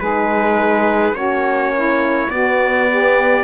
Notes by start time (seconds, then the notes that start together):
0.00 G#3 D#4 G#4 B4
1.13 A#3 C#4 F#4 C#5
1.76 E4
2.30 B3 F#4 D5
2.89 G4